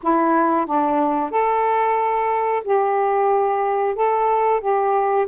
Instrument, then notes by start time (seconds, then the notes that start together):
saxophone
0.02 E4
0.66 D4
1.30 A4
2.63 G4
3.95 A4
4.60 G4